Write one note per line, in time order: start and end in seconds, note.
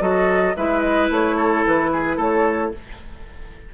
0.00 0.54 F#3
0.00 0.54 F#4
0.00 0.55 A4
0.00 0.56 D#5
0.56 1.10 G#3
0.56 2.73 E4
0.56 1.36 B4
0.56 0.81 E5
0.81 1.08 D#5
1.10 1.64 A3
1.10 1.66 C#5
1.36 1.90 A4
1.66 2.17 E3
1.66 2.20 B4
1.92 2.16 G#4
2.16 2.71 A3
2.16 2.70 A4
2.16 2.74 C#5